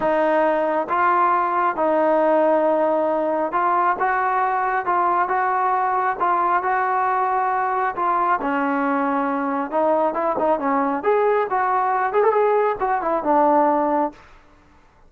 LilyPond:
\new Staff \with { instrumentName = "trombone" } { \time 4/4 \tempo 4 = 136 dis'2 f'2 | dis'1 | f'4 fis'2 f'4 | fis'2 f'4 fis'4~ |
fis'2 f'4 cis'4~ | cis'2 dis'4 e'8 dis'8 | cis'4 gis'4 fis'4. gis'16 a'16 | gis'4 fis'8 e'8 d'2 | }